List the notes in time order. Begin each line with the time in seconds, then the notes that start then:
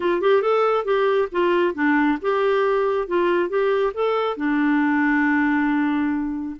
0.00 F4
0.21 G4
0.42 A4
0.84 G4
1.31 F4
1.74 D4
2.21 G4
3.07 F4
3.49 G4
3.93 A4
4.37 D4